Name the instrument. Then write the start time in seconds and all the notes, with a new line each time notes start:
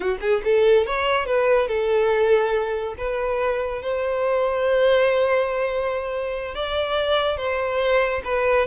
violin
0.00 F#4
0.20 G#4
0.44 A4
0.86 C#5
1.26 B4
1.67 A4
2.97 B4
3.81 C5
6.54 D5
7.37 C5
8.24 B4